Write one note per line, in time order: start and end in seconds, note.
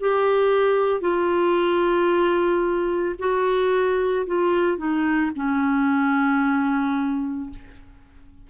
0.00 1.01 G4
1.01 3.16 F4
3.19 4.26 F#4
4.26 4.78 F4
4.78 5.31 D#4
5.36 7.50 C#4